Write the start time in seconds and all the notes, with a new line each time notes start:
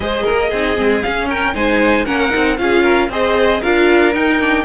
0.00 G#3 G#4 C5 D#5
0.23 A#4
0.30 A#3
0.49 C4 D#4 G#4
0.76 G#3 C4
1.02 C#4 F5
1.28 A#4 G5
1.54 G#3 D#4 C5 G#5
2.05 A#3 C#4 A#4 F#5
2.30 C4 D#4
2.57 C#4 F4 G#4 F5
2.82 A#4
3.09 C4 G#4 C5 D#5
3.60 D4 F4 A#4 F5
4.13 D#4 G5
4.39 D4